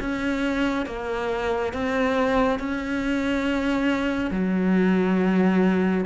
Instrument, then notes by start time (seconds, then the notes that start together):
cello
0.00 C#4
0.86 A#3
1.73 C4
2.59 C#4
4.31 F#3